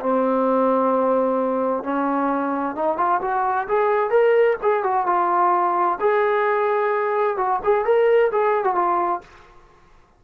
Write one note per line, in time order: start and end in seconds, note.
0.00 1.83 C4
1.83 2.75 C#4
2.75 2.97 D#4
2.97 3.20 F4
3.21 3.67 F#4
3.68 4.10 G#4
4.10 4.56 A#4
4.62 4.83 G#4
4.83 5.06 F#4
5.06 5.98 F4
6.00 7.37 G#4
7.37 7.60 F#4
7.63 7.85 G#4
7.85 8.31 A#4
8.31 8.64 G#4
8.64 8.75 F#4
8.75 9.21 F4